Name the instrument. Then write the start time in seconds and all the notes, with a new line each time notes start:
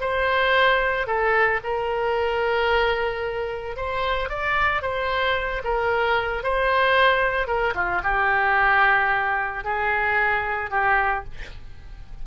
oboe
0.00 C5
1.06 A4
1.63 A#4
3.76 C5
4.29 D5
4.81 C5
5.63 A#4
6.43 C5
7.47 A#4
7.74 F4
8.03 G4
9.64 G#4
10.70 G4